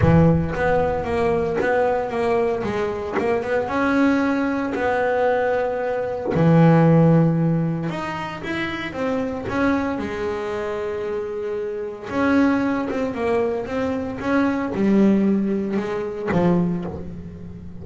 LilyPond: \new Staff \with { instrumentName = "double bass" } { \time 4/4 \tempo 4 = 114 e4 b4 ais4 b4 | ais4 gis4 ais8 b8 cis'4~ | cis'4 b2. | e2. dis'4 |
e'4 c'4 cis'4 gis4~ | gis2. cis'4~ | cis'8 c'8 ais4 c'4 cis'4 | g2 gis4 f4 | }